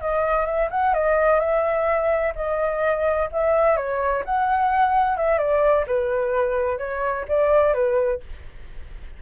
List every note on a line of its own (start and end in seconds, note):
0.00 0.45 D#5
0.45 0.69 E5
0.70 0.93 F#5
0.93 1.39 D#5
1.39 2.33 E5
2.35 3.29 D#5
3.32 3.76 E5
3.76 4.23 C#5
4.24 5.16 F#5
5.16 5.38 E5
5.38 5.85 D5
5.87 6.78 B4
6.78 7.25 C#5
7.28 7.73 D5
7.73 8.20 B4